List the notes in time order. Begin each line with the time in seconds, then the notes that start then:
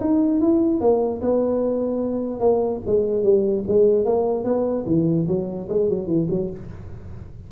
0.00 D#4
0.41 E4
0.81 A#3
1.22 B3
2.40 A#3
2.86 G#3
3.23 G3
3.68 G#3
4.05 A#3
4.44 B3
4.86 E3
5.28 F#3
5.69 G#3
5.89 F#3
6.07 E3
6.30 F#3